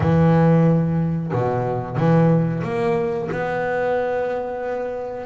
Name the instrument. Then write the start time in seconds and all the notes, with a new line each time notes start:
double bass
0.00 E3
1.32 B2
1.96 E3
2.63 A#3
3.31 B3